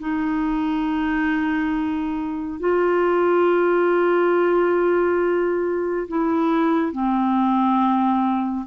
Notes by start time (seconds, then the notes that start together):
0.00 D#4
2.60 F4
6.08 E4
6.92 C4